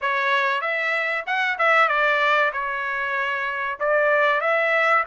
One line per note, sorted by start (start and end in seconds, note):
0.01 0.61 C#5
0.61 1.24 E5
1.26 1.58 F#5
1.58 1.88 E5
1.88 2.51 D5
2.52 3.79 C#5
3.79 4.40 D5
4.40 5.04 E5